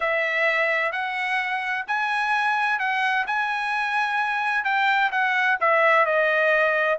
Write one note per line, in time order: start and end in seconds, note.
0.00 0.92 E5
0.92 1.85 F#5
1.87 2.79 G#5
2.79 3.25 F#5
3.26 4.64 G#5
4.64 5.10 G5
5.11 5.58 F#5
5.60 6.05 E5
6.05 6.98 D#5